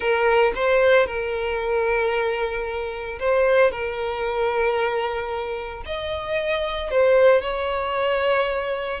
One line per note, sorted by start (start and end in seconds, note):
0.00 0.52 A#4
0.55 1.06 C5
1.06 3.19 A#4
3.19 3.71 C5
3.71 5.83 A#4
5.85 6.90 D#5
6.90 7.41 C5
7.41 9.00 C#5